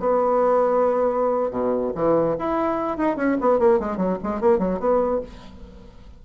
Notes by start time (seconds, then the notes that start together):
0.00 B3
1.51 B2
1.96 E3
2.39 E4
2.98 D#4
3.17 C#4
3.41 B3
3.59 A#3
3.80 G#3
3.97 F#3
4.23 G#3
4.41 A#3
4.59 F#3
4.80 B3